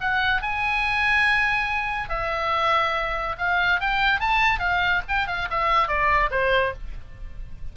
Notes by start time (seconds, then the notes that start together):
0.00 F#5
0.42 G#5
2.09 E5
3.38 F5
3.80 G5
4.19 A5
4.59 F5
5.08 G5
5.27 F5
5.50 E5
5.88 D5
6.30 C5